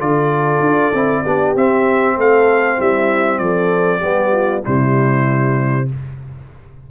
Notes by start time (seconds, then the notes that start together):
0.00 D3 F4 A4 D5
0.60 D4
0.94 C4 E4
1.23 B3 D4 G4
1.56 C4 E5
2.17 A3 A4 F5
2.78 G3 E4 E5
3.39 F3 A4 D5
4.00 G3 B3 G4
4.32 F4
4.62 C3 G3 E4 C5